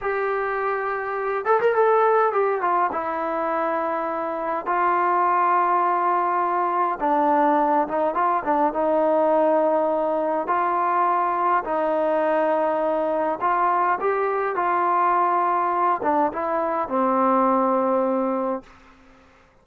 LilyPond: \new Staff \with { instrumentName = "trombone" } { \time 4/4 \tempo 4 = 103 g'2~ g'8 a'16 ais'16 a'4 | g'8 f'8 e'2. | f'1 | d'4. dis'8 f'8 d'8 dis'4~ |
dis'2 f'2 | dis'2. f'4 | g'4 f'2~ f'8 d'8 | e'4 c'2. | }